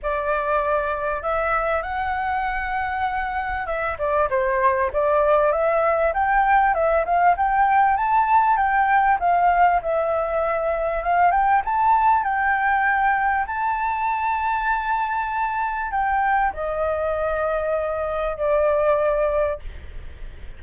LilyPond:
\new Staff \with { instrumentName = "flute" } { \time 4/4 \tempo 4 = 98 d''2 e''4 fis''4~ | fis''2 e''8 d''8 c''4 | d''4 e''4 g''4 e''8 f''8 | g''4 a''4 g''4 f''4 |
e''2 f''8 g''8 a''4 | g''2 a''2~ | a''2 g''4 dis''4~ | dis''2 d''2 | }